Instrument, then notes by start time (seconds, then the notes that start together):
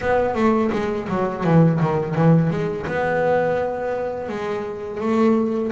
double bass
0.00 B3
0.34 A3
0.72 G#3
1.08 F#3
1.44 E3
1.80 D#3
2.15 E3
2.50 G#3
2.86 B3
4.29 G#3
5.00 A3